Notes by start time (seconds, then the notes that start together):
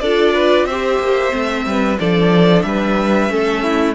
0.00 D4 F4 A4 D5
0.34 B4
0.65 C4 G4 C5 E5
0.99 A#3
1.31 A3 C4
1.66 G3 B4
1.98 F3 D4 A4 D5
2.63 G3 B4 E5
3.29 A3 C#4 A4
3.63 E4